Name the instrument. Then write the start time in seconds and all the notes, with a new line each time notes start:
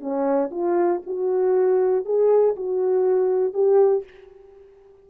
horn
0.00 C#4
0.51 F4
1.07 F#4
2.05 G#4
2.56 F#4
3.54 G4